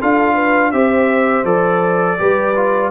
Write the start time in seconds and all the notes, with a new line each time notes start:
0.00 D4 F4 A4 F5
0.34 B4
0.71 C4 G4 C5 E5
1.44 F3 A4 D5
2.18 G3 G4 B4
2.55 F4